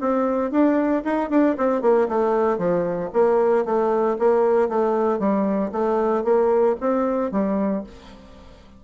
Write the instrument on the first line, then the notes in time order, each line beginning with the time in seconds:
bassoon
0.00 C4
0.51 D4
1.04 D#4
1.29 D4
1.57 C4
1.81 A#3
2.08 A3
2.58 F3
3.13 A#3
3.65 A3
4.19 A#3
4.69 A3
5.19 G3
5.72 A3
6.24 A#3
6.80 C4
7.31 G3